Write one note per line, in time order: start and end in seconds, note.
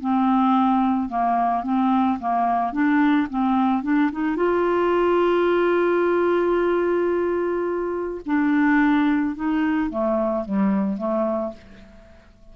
0.00 1.09 C4
1.09 1.63 A#3
1.63 2.18 C4
2.19 2.72 A#3
2.72 3.28 D4
3.30 3.83 C4
3.83 4.10 D4
4.12 4.36 D#4
4.36 8.21 F4
8.26 9.35 D4
9.35 9.90 D#4
9.90 10.45 A3
10.45 10.97 G3
10.97 11.52 A3